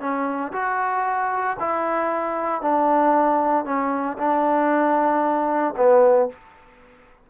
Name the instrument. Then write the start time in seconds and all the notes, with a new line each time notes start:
trombone
0.00 C#4
0.52 F#4
1.60 E4
2.62 D4
3.65 C#4
4.18 D4
5.77 B3